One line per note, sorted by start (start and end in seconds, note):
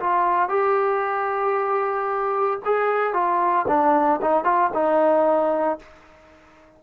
0.00 0.49 F4
0.49 2.60 G4
2.65 3.13 G#4
3.13 3.66 F4
3.68 4.21 D4
4.22 4.44 D#4
4.44 4.70 F4
4.74 5.79 D#4